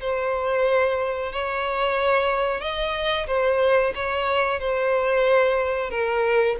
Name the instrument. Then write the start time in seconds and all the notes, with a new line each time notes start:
violin
0.00 C5
1.32 C#5
2.60 D#5
3.27 C5
3.95 C#5
4.59 C5
5.90 A#4